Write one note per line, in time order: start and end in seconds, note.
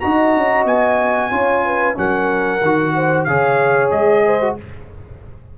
0.00 0.37 D#4
0.00 1.31 F#4
0.00 1.32 D#5
0.00 0.65 A#5
0.37 0.65 C#4
0.65 1.31 B3
0.65 1.97 G#5
1.31 1.96 C#4
1.31 1.95 F4
1.31 1.64 C#5
1.65 1.98 B4
1.95 2.62 F#3
1.95 2.60 C#4
1.95 2.96 A#4
1.95 3.24 F#5
2.62 3.27 D#3
2.62 3.28 F#4
2.96 3.28 C5
3.24 3.92 C#3
3.24 4.41 G#4
3.24 4.26 C#5
3.24 3.90 F5
3.91 4.57 G#3
3.91 4.57 D#5
4.26 4.58 C5
4.41 4.58 F#4